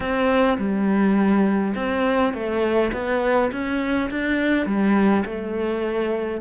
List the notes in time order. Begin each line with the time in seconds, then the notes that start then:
0.00 C4
0.57 G3
1.75 C4
2.33 A3
2.92 B3
3.51 C#4
4.10 D4
4.65 G3
5.25 A3